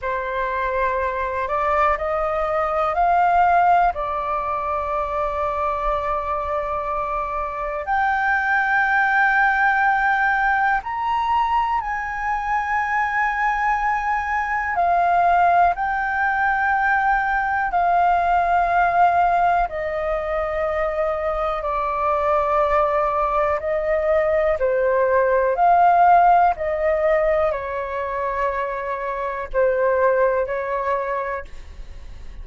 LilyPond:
\new Staff \with { instrumentName = "flute" } { \time 4/4 \tempo 4 = 61 c''4. d''8 dis''4 f''4 | d''1 | g''2. ais''4 | gis''2. f''4 |
g''2 f''2 | dis''2 d''2 | dis''4 c''4 f''4 dis''4 | cis''2 c''4 cis''4 | }